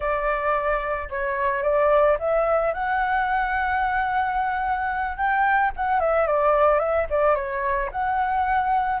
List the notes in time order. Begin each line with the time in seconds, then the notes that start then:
0.00 D5
1.09 C#5
1.62 D5
2.19 E5
2.73 F#5
5.17 G5
5.76 F#5
6.00 E5
6.26 D5
6.79 E5
7.10 D5
7.35 C#5
7.91 F#5